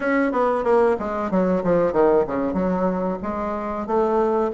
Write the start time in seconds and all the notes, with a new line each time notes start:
0.00 C#4
0.32 B3
0.64 A#3
0.99 G#3
1.30 F#3
1.63 F3
1.92 D#3
2.26 C#3
2.53 F#3
3.22 G#3
3.87 A3